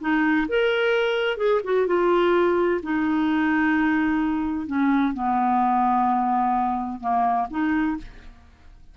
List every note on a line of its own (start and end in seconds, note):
0.00 0.47 D#4
0.48 1.37 A#4
1.37 1.60 G#4
1.64 1.87 F#4
1.87 2.80 F4
2.82 4.67 D#4
4.67 5.13 C#4
5.13 7.00 B3
7.00 7.47 A#3
7.50 7.97 D#4